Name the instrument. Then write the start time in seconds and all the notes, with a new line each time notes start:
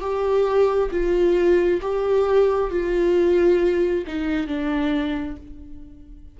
viola
0.00 G4
0.91 F4
1.81 G4
2.70 F4
4.07 D#4
4.47 D4